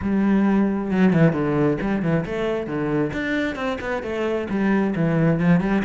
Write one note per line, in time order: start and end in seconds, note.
0.01 0.91 G3
0.91 1.13 F#3
1.13 1.32 E3
1.32 1.77 D3
1.81 2.02 G3
2.02 2.24 E3
2.25 2.66 A3
2.66 3.11 D3
3.12 3.55 D4
3.55 3.78 C4
3.81 4.02 B3
4.02 4.47 A3
4.49 4.94 G3
4.95 5.39 E3
5.39 5.60 F3
5.60 5.82 G3